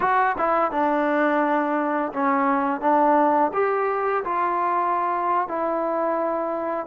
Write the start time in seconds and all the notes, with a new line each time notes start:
0.00 F#4
0.38 E4
0.71 D4
2.12 C#4
2.80 D4
3.53 G4
4.24 F4
5.48 E4